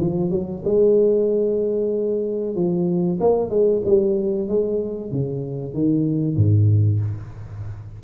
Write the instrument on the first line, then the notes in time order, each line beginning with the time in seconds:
tuba
0.00 F3
0.31 F#3
0.65 G#3
2.56 F3
3.21 A#3
3.50 G#3
3.85 G3
4.49 G#3
5.12 C#3
5.74 D#3
6.37 G#2